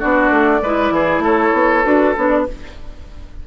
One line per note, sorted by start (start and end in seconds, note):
0.00 0.31 B3
0.00 0.62 D4
0.00 0.61 F#4
0.00 1.24 D5
0.31 0.61 A3
0.62 0.91 G#3
0.62 1.84 E4
0.62 0.94 B4
0.91 1.19 E3
0.91 1.24 G#4
1.19 1.50 A3
1.19 2.46 A4
1.19 1.85 C#5
1.54 1.84 B3
1.84 2.16 D4
1.84 2.15 F#4
1.84 2.16 B4
2.17 2.48 B3
2.17 2.47 D4
2.17 2.29 C#5
2.29 2.44 D5